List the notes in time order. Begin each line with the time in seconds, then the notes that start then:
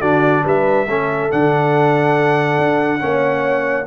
0.00 D3 D4 F#4 D5
0.45 G3 B4 E5
0.86 A3 C#4 A4
1.31 D3 D4 F#5
2.58 D4
3.00 A#3 C#4 C#5